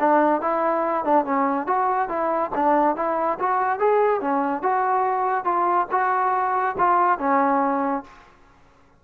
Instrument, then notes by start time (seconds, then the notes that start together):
trombone
0.00 D4
0.41 E4
1.05 D4
1.25 C#4
1.67 F#4
2.09 E4
2.55 D4
2.96 E4
3.40 F#4
3.80 G#4
4.21 C#4
4.63 F#4
5.45 F4
5.92 F#4
6.78 F4
7.19 C#4